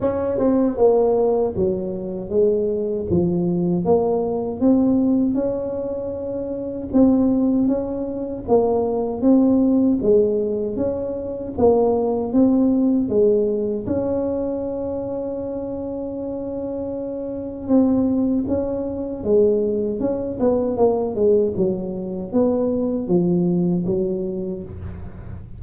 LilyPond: \new Staff \with { instrumentName = "tuba" } { \time 4/4 \tempo 4 = 78 cis'8 c'8 ais4 fis4 gis4 | f4 ais4 c'4 cis'4~ | cis'4 c'4 cis'4 ais4 | c'4 gis4 cis'4 ais4 |
c'4 gis4 cis'2~ | cis'2. c'4 | cis'4 gis4 cis'8 b8 ais8 gis8 | fis4 b4 f4 fis4 | }